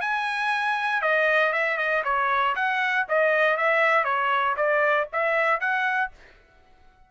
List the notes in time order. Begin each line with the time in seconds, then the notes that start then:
0.00 G#5
1.01 D#5
1.52 E5
1.77 D#5
2.04 C#5
2.55 F#5
3.08 D#5
3.57 E5
4.04 C#5
4.56 D5
5.12 E5
5.60 F#5